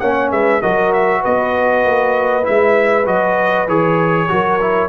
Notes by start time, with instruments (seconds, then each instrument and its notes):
0.00 tuba A#3, trombone C#4, horn C#5, trumpet F#5
0.32 tuba G#3, horn B4, trumpet E5
0.62 tuba F#3, trombone F#4, horn A#4, trumpet D#5
0.93 trumpet E5
1.21 tuba B3, horn B4, trumpet D#5
1.86 tuba A#3
2.43 tuba G#3, trombone E4, trumpet E5
3.06 tuba F#3, trombone F#4, trumpet D#5
3.68 tuba E3, trombone G#4, trumpet C#5
4.29 tuba F#3, trombone F#4, horn A#4
4.61 trombone E4